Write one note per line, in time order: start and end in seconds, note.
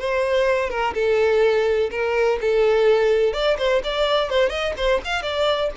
0.00 0.70 C5
0.70 0.94 A#4
0.95 1.91 A4
1.92 2.40 A#4
2.41 3.33 A4
3.33 3.57 D5
3.58 3.82 C5
3.84 4.30 D5
4.30 4.50 C5
4.50 4.74 D#5
4.78 5.02 C5
5.05 5.22 F5
5.22 5.70 D5